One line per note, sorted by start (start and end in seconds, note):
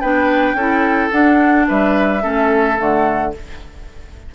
0.00 0.53 B3
0.00 0.58 D4
0.00 0.56 B4
0.00 1.10 G5
0.53 1.08 C#4
0.53 1.11 E4
0.53 1.67 A4
1.11 2.21 D4
1.11 1.68 D4
1.11 1.67 F#5
1.68 2.24 G3
1.68 2.22 B4
1.68 2.79 E5
2.21 2.79 A3
2.21 2.76 C#4
2.21 3.33 A4
2.77 3.35 D3
2.77 3.32 A3
2.77 3.34 F#5